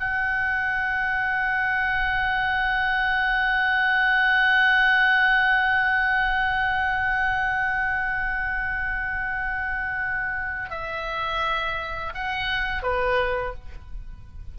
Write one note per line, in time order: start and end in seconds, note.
0.00 10.71 F#5
10.71 12.14 E5
12.15 12.83 F#5
12.83 13.54 B4